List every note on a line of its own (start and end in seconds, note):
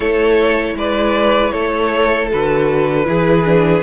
0.00 0.74 A3
0.00 2.31 E4
0.00 0.75 A4
0.00 0.76 C#5
0.75 1.51 G#3
0.75 1.52 B4
0.75 1.51 D5
1.51 2.31 A3
1.51 3.06 A4
1.51 2.28 C#5
2.31 3.08 D3
2.31 3.04 F#4
2.31 3.83 B4
3.04 3.83 E3
3.04 3.43 E4
3.04 3.83 G#4
3.44 3.83 D4